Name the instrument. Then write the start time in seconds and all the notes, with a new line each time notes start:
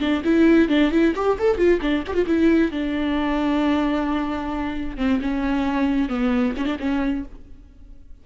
viola
0.00 D4
0.24 E4
0.69 D4
0.91 E4
1.15 G4
1.39 A4
1.57 F4
1.81 D4
2.07 G4
2.14 F4
2.27 E4
2.72 D4
4.97 C4
5.21 C#4
6.09 B3
6.57 C#4
6.65 D4
6.79 C#4